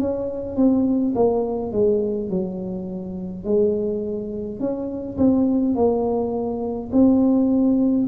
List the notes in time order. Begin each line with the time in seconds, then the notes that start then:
0.00 C#4
0.57 C4
1.15 A#3
1.73 G#3
2.30 F#3
3.45 G#3
4.60 C#4
5.18 C4
5.76 A#3
6.93 C4